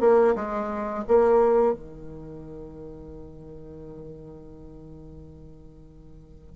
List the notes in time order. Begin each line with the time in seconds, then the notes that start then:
0.00 A#3
0.35 G#3
1.08 A#3
1.74 D#3